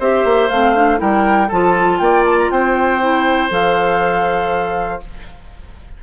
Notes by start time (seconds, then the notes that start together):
0.00 C4 G4 C5 E5
0.25 A#3
0.49 A3 C4 F5
0.76 D4
0.98 G3 E4 A#4 G5
1.48 F3 F4 A4 A5
1.99 A#3 D5 G5
2.26 A5
2.39 A#5
2.51 C4 C5 G5
3.01 E4
3.51 F3 A4 F5